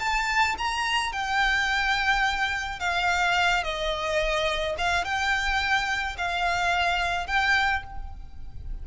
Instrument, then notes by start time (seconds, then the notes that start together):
violin
0.00 A5
0.58 A#5
1.13 G5
2.80 F5
3.64 D#5
4.78 F5
5.05 G5
6.18 F5
7.27 G5